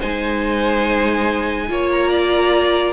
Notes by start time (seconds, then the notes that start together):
0.00 G#3 D#4 C5 G#5
1.69 A#3 F4 C#5
1.91 A#5
2.10 D5